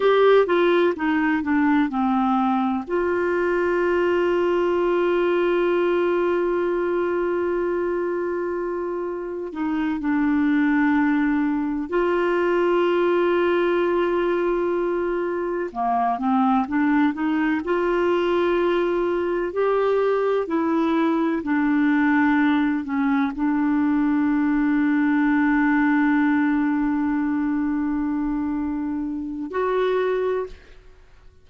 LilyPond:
\new Staff \with { instrumentName = "clarinet" } { \time 4/4 \tempo 4 = 63 g'8 f'8 dis'8 d'8 c'4 f'4~ | f'1~ | f'2 dis'8 d'4.~ | d'8 f'2.~ f'8~ |
f'8 ais8 c'8 d'8 dis'8 f'4.~ | f'8 g'4 e'4 d'4. | cis'8 d'2.~ d'8~ | d'2. fis'4 | }